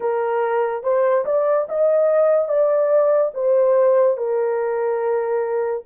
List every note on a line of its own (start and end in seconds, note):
0.00 0.83 A#4
0.83 1.24 C5
1.25 1.67 D5
1.69 2.48 D#5
2.48 3.31 D5
3.33 4.17 C5
4.17 5.83 A#4